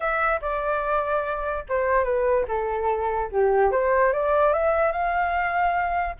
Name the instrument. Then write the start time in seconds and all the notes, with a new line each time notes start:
flute
0.00 E5
0.41 D5
1.68 C5
2.03 B4
2.48 A4
3.31 G4
3.71 C5
4.12 D5
4.53 E5
4.92 F5